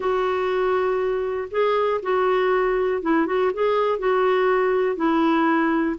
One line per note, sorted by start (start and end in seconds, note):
0.00 1.48 F#4
1.50 2.00 G#4
2.02 3.02 F#4
3.02 3.26 E4
3.26 3.51 F#4
3.53 3.98 G#4
3.98 4.96 F#4
4.96 5.96 E4